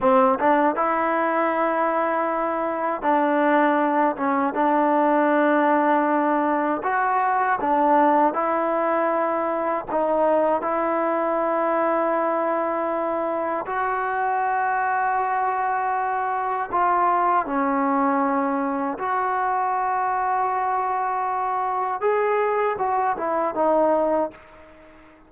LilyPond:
\new Staff \with { instrumentName = "trombone" } { \time 4/4 \tempo 4 = 79 c'8 d'8 e'2. | d'4. cis'8 d'2~ | d'4 fis'4 d'4 e'4~ | e'4 dis'4 e'2~ |
e'2 fis'2~ | fis'2 f'4 cis'4~ | cis'4 fis'2.~ | fis'4 gis'4 fis'8 e'8 dis'4 | }